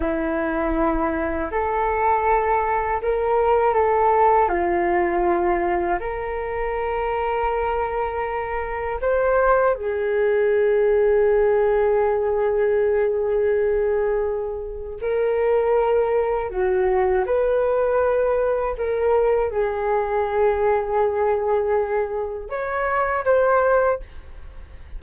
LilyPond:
\new Staff \with { instrumentName = "flute" } { \time 4/4 \tempo 4 = 80 e'2 a'2 | ais'4 a'4 f'2 | ais'1 | c''4 gis'2.~ |
gis'1 | ais'2 fis'4 b'4~ | b'4 ais'4 gis'2~ | gis'2 cis''4 c''4 | }